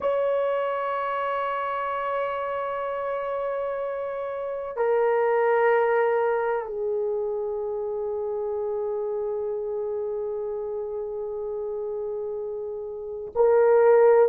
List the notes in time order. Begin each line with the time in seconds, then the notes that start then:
0.00 C#5
4.76 A#4
6.65 G#4
13.35 A#4